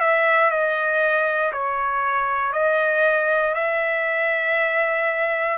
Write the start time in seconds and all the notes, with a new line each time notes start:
0.00 E5
0.50 D#5
1.52 C#5
2.53 D#5
3.55 E5